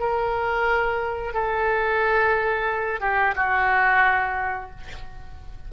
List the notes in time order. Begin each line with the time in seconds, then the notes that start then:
0.00 A#4
1.34 A4
3.01 G4
3.36 F#4